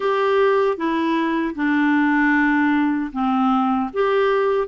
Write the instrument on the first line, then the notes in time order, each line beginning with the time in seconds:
clarinet
0.00 G4
0.77 E4
1.55 D4
3.12 C4
3.93 G4